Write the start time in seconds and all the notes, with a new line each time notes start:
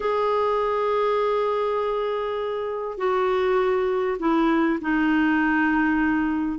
0.00 G#4
2.97 F#4
4.19 E4
4.81 D#4